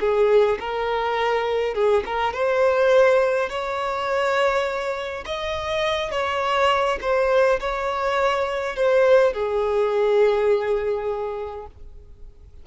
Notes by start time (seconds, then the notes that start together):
0.00 G#4
0.60 A#4
1.74 G#4
2.06 A#4
2.34 C5
3.50 C#5
5.26 D#5
6.12 C#5
7.01 C5
7.60 C#5
8.76 C5
9.33 G#4